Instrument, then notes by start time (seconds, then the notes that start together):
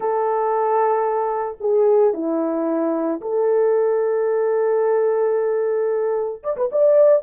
horn
0.00 A4
1.60 G#4
2.13 E4
3.21 A4
6.43 D5
6.56 B4
6.72 D5